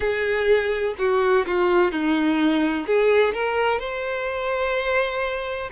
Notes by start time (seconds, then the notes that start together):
0.00 G#4
0.98 F#4
1.46 F4
1.91 D#4
2.86 G#4
3.33 A#4
3.79 C5